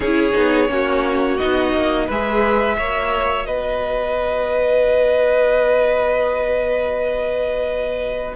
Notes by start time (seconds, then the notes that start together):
0.00 C#4 E4 G#4 C#5
0.32 B3 D#4
0.68 A#3 C#4 F#4
1.37 B3 D#4 D#5
1.73 A#3
2.06 G#3 G#4 B4 E5
2.78 A#3 F#4 C#5
3.45 B3 B4 D#5